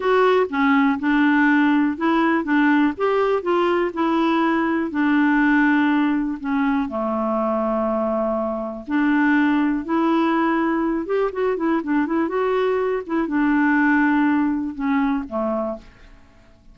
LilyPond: \new Staff \with { instrumentName = "clarinet" } { \time 4/4 \tempo 4 = 122 fis'4 cis'4 d'2 | e'4 d'4 g'4 f'4 | e'2 d'2~ | d'4 cis'4 a2~ |
a2 d'2 | e'2~ e'8 g'8 fis'8 e'8 | d'8 e'8 fis'4. e'8 d'4~ | d'2 cis'4 a4 | }